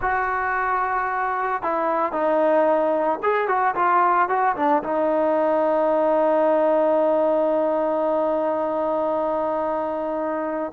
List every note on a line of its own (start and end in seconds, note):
0.01 1.62 F#4
1.62 2.12 E4
2.12 3.19 D#4
3.22 3.47 G#4
3.47 3.74 F#4
3.75 4.29 F4
4.29 4.55 F#4
4.55 4.82 D4
4.83 10.72 D#4